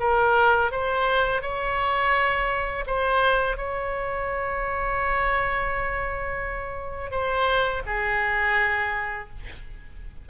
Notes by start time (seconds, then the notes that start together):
0.00 A#4
0.72 C5
1.42 C#5
2.87 C5
3.57 C#5
7.11 C5
7.86 G#4